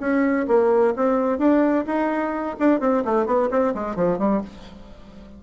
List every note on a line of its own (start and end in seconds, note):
0.00 0.47 C#4
0.48 0.94 A#3
0.96 1.38 C4
1.38 1.85 D4
1.86 2.56 D#4
2.59 2.80 D4
2.80 3.03 C4
3.05 3.26 A3
3.26 3.49 B3
3.51 3.74 C4
3.74 3.96 G#3
3.96 4.18 F3
4.18 4.41 G3